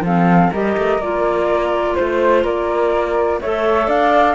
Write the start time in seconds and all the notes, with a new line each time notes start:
0.00 F3 C4 A4 F5
0.50 G3 G4 A#4 D#5
0.77 A3
0.98 A#3 F4 D5
1.95 A3 C5
2.44 A#3 A#4 D5
3.41 A3 A4 C#5 E5
3.87 D4 D5 F5